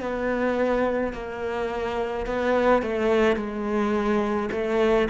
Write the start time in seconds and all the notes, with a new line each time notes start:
0.00 B3
1.13 A#3
2.26 B3
2.82 A3
3.36 G#3
4.51 A3